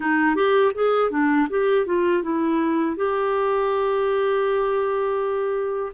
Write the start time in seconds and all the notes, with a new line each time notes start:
0.00 D#4
0.35 G4
0.74 G#4
1.10 D4
1.49 G4
1.86 F4
2.22 E4
2.96 G4